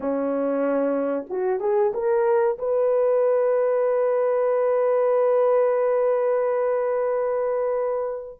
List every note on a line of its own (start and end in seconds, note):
0.00 1.26 C#4
1.29 1.60 F#4
1.60 1.92 G#4
1.93 2.57 A#4
2.58 8.39 B4